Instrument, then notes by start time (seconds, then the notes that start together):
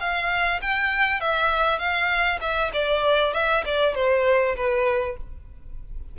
violin
0.00 F5
0.62 G5
1.21 E5
1.79 F5
2.41 E5
2.73 D5
3.34 E5
3.65 D5
3.95 C5
4.56 B4